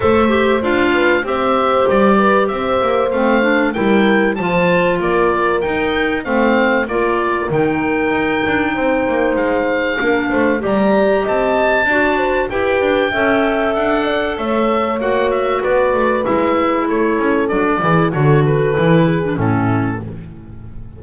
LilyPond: <<
  \new Staff \with { instrumentName = "oboe" } { \time 4/4 \tempo 4 = 96 e''4 f''4 e''4 d''4 | e''4 f''4 g''4 a''4 | d''4 g''4 f''4 d''4 | g''2. f''4~ |
f''4 ais''4 a''2 | g''2 fis''4 e''4 | fis''8 e''8 d''4 e''4 cis''4 | d''4 cis''8 b'4. a'4 | }
  \new Staff \with { instrumentName = "horn" } { \time 4/4 c''4. b'8 c''4. b'8 | c''2 ais'4 c''4 | ais'2 c''4 ais'4~ | ais'2 c''2 |
ais'8 c''8 d''4 dis''4 d''8 c''8 | b'4 e''4. d''8 cis''4~ | cis''4 b'2 a'4~ | a'8 gis'8 a'4. gis'8 e'4 | }
  \new Staff \with { instrumentName = "clarinet" } { \time 4/4 a'8 g'8 f'4 g'2~ | g'4 c'8 d'8 e'4 f'4~ | f'4 dis'4 c'4 f'4 | dis'1 |
d'4 g'2 fis'4 | g'4 a'2. | fis'2 e'2 | d'8 e'8 fis'4 e'8. d'16 cis'4 | }
  \new Staff \with { instrumentName = "double bass" } { \time 4/4 a4 d'4 c'4 g4 | c'8 ais8 a4 g4 f4 | ais4 dis'4 a4 ais4 | dis4 dis'8 d'8 c'8 ais8 gis4 |
ais8 a8 g4 c'4 d'4 | e'8 d'8 cis'4 d'4 a4 | ais4 b8 a8 gis4 a8 cis'8 | fis8 e8 d4 e4 a,4 | }
>>